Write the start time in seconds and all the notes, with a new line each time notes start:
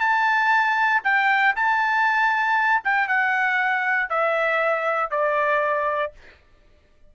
0.00 A5
1.03 G5
1.55 A5
2.84 G5
3.07 F#5
4.09 E5
5.10 D5